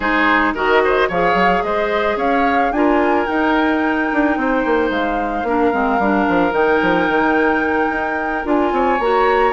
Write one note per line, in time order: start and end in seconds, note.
0.00 0.54 G#3
0.00 0.55 D#4
0.00 0.53 G#4
0.00 0.54 C5
0.54 1.09 D#3
0.54 1.10 F#4
0.54 0.81 A#4
0.54 1.09 D#5
0.84 1.08 C5
1.08 1.34 F3
1.08 2.74 G#4
1.08 1.62 C#5
1.08 1.63 F5
1.34 1.61 F#3
1.63 2.16 G#3
1.63 2.17 C5
1.63 2.17 D#5
2.16 2.70 C#4
2.16 2.71 C#5
2.16 2.72 F5
2.71 3.25 D4
2.71 3.27 F4
2.71 4.39 A#4
2.71 3.26 G#5
3.26 5.45 D#4
3.26 4.11 D#4
3.26 4.89 G5
4.12 4.36 D4
4.36 4.64 C4
4.36 5.48 C5
4.65 4.89 A#3
4.89 5.43 G#3
4.89 6.54 F5
5.43 5.70 A#3
5.43 5.72 D4
5.43 8.74 A#4
5.72 5.98 G#3
5.72 5.99 C4
5.98 6.26 G3
5.98 6.51 D4
6.28 6.52 F3
6.51 6.79 D#3
6.51 8.42 D#4
6.51 8.45 G5
6.81 7.08 F3
7.08 7.89 D#3
7.89 8.44 D#4
8.44 8.71 D4
8.44 8.98 F4
8.44 9.00 G#5
8.72 8.99 C4
8.72 9.53 C#5
8.99 9.53 A#3
8.99 9.53 F#4
8.99 9.53 A#5